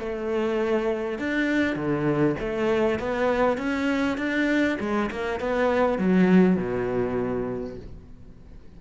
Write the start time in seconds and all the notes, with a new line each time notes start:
0.00 A3
1.19 D4
1.76 D3
2.40 A3
2.99 B3
3.58 C#4
4.18 D4
4.80 G#3
5.11 A#3
5.41 B3
5.99 F#3
6.57 B2